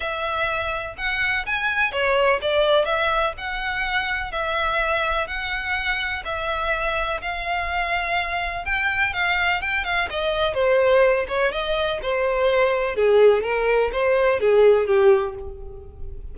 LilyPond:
\new Staff \with { instrumentName = "violin" } { \time 4/4 \tempo 4 = 125 e''2 fis''4 gis''4 | cis''4 d''4 e''4 fis''4~ | fis''4 e''2 fis''4~ | fis''4 e''2 f''4~ |
f''2 g''4 f''4 | g''8 f''8 dis''4 c''4. cis''8 | dis''4 c''2 gis'4 | ais'4 c''4 gis'4 g'4 | }